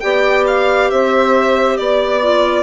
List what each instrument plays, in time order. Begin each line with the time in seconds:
0.00 bassoon B3, clarinet G4, saxophone D5, violin G5
0.47 violin F5
0.90 bassoon C4, saxophone C5, violin E5
1.77 bassoon B3, violin D5, saxophone D5
2.22 clarinet F4